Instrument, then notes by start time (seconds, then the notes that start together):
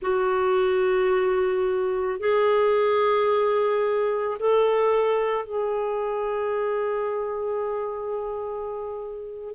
clarinet
0.01 F#4
2.19 G#4
4.39 A4
5.45 G#4